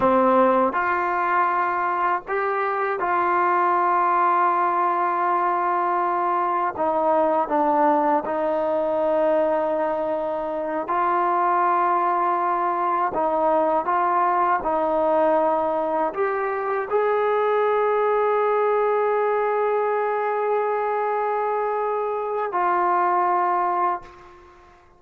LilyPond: \new Staff \with { instrumentName = "trombone" } { \time 4/4 \tempo 4 = 80 c'4 f'2 g'4 | f'1~ | f'4 dis'4 d'4 dis'4~ | dis'2~ dis'8 f'4.~ |
f'4. dis'4 f'4 dis'8~ | dis'4. g'4 gis'4.~ | gis'1~ | gis'2 f'2 | }